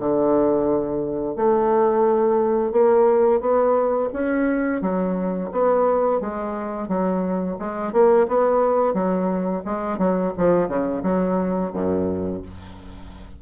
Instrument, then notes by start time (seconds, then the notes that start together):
bassoon
0.00 D3
1.36 A3
2.72 A#3
3.41 B3
4.13 C#4
4.82 F#3
5.52 B3
6.21 G#3
6.89 F#3
7.60 G#3
7.93 A#3
8.29 B3
8.94 F#3
9.66 G#3
9.99 F#3
10.38 F3
10.68 C#3
11.03 F#3
11.73 F#2